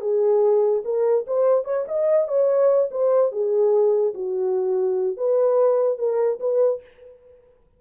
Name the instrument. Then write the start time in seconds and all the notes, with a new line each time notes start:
horn
0.00 G#4
0.84 A#4
1.26 C5
1.64 C#5
1.87 D#5
2.28 C#5
2.91 C5
3.31 G#4
4.14 F#4
5.17 B4
5.98 A#4
6.40 B4